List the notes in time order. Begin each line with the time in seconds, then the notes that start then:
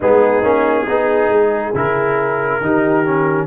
0.00 G#3 B3 D#4 G#4
0.42 A#3 C#4
0.86 B3 D#4 G#4
1.28 G#3
1.74 C#3 E4 A#4
2.60 D#3 D#4 G4
3.05 C#4